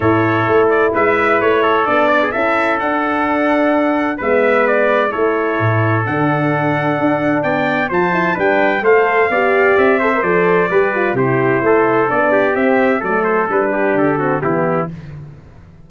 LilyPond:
<<
  \new Staff \with { instrumentName = "trumpet" } { \time 4/4 \tempo 4 = 129 cis''4. d''8 e''4 cis''4 | d''4 e''4 fis''2~ | fis''4 e''4 d''4 cis''4~ | cis''4 fis''2. |
g''4 a''4 g''4 f''4~ | f''4 e''4 d''2 | c''2 d''4 e''4 | d''8 c''8 b'4 a'4 g'4 | }
  \new Staff \with { instrumentName = "trumpet" } { \time 4/4 a'2 b'4. a'8~ | a'8 d''16 gis'16 a'2.~ | a'4 b'2 a'4~ | a'1 |
d''4 c''4 b'4 c''4 | d''4. c''4. b'4 | g'4 a'4. g'4. | a'4. g'4 fis'8 e'4 | }
  \new Staff \with { instrumentName = "horn" } { \time 4/4 e'1 | d'4 e'4 d'2~ | d'4 b2 e'4~ | e'4 d'2.~ |
d'4 f'8 e'8 d'4 a'4 | g'4. a'16 ais'16 a'4 g'8 f'8 | e'2 d'4 c'4 | a4 d'4. c'8 b4 | }
  \new Staff \with { instrumentName = "tuba" } { \time 4/4 a,4 a4 gis4 a4 | b4 cis'4 d'2~ | d'4 gis2 a4 | a,4 d2 d'4 |
b4 f4 g4 a4 | b4 c'4 f4 g4 | c4 a4 b4 c'4 | fis4 g4 d4 e4 | }
>>